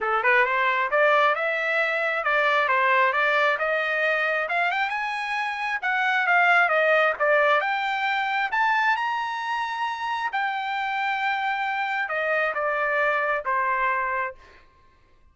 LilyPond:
\new Staff \with { instrumentName = "trumpet" } { \time 4/4 \tempo 4 = 134 a'8 b'8 c''4 d''4 e''4~ | e''4 d''4 c''4 d''4 | dis''2 f''8 g''8 gis''4~ | gis''4 fis''4 f''4 dis''4 |
d''4 g''2 a''4 | ais''2. g''4~ | g''2. dis''4 | d''2 c''2 | }